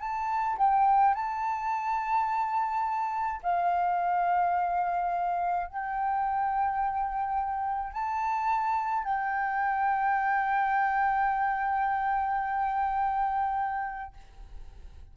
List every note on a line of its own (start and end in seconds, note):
0.00 0.57 A5
0.58 1.14 G5
1.14 3.41 A5
3.43 5.68 F5
5.68 7.92 G5
7.92 9.04 A5
9.04 14.14 G5